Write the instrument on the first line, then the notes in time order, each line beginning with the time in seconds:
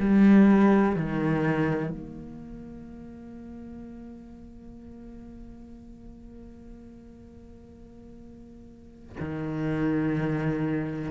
cello
0.00 G3
0.96 D#3
1.90 A#3
9.20 D#3